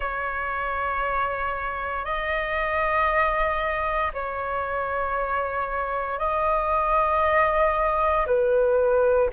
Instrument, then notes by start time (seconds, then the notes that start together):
flute
0.00 C#5
2.04 D#5
4.13 C#5
6.18 D#5
8.26 B4